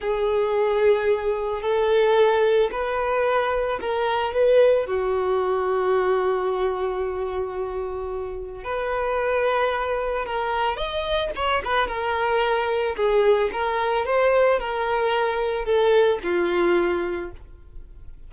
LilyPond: \new Staff \with { instrumentName = "violin" } { \time 4/4 \tempo 4 = 111 gis'2. a'4~ | a'4 b'2 ais'4 | b'4 fis'2.~ | fis'1 |
b'2. ais'4 | dis''4 cis''8 b'8 ais'2 | gis'4 ais'4 c''4 ais'4~ | ais'4 a'4 f'2 | }